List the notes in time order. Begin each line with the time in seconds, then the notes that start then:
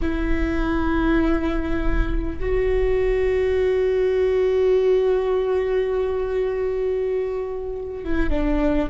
0.01 E4
2.40 F#4
8.04 E4
8.30 D4